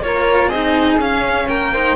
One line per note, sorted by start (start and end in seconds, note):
0.00 0.47 A#3
0.00 0.52 F4
0.00 0.48 A#4
0.00 0.49 C#5
0.47 0.96 C4
0.47 1.46 G#4
0.47 0.98 D#5
0.54 1.00 D#4
0.97 1.46 C#4
0.97 1.73 C#4
0.97 1.48 F5
1.48 1.96 A#3
1.48 1.73 A#4
1.48 1.96 G5
1.73 1.96 D#4
1.73 1.96 C5